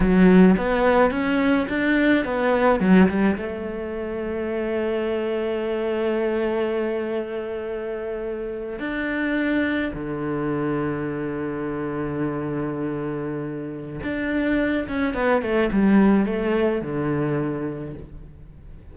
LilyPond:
\new Staff \with { instrumentName = "cello" } { \time 4/4 \tempo 4 = 107 fis4 b4 cis'4 d'4 | b4 fis8 g8 a2~ | a1~ | a2.~ a8. d'16~ |
d'4.~ d'16 d2~ d16~ | d1~ | d4 d'4. cis'8 b8 a8 | g4 a4 d2 | }